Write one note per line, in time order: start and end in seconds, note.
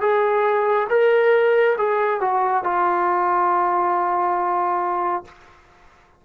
0.00 0.87 G#4
0.89 1.76 A#4
1.78 2.20 G#4
2.20 2.63 F#4
2.63 5.24 F4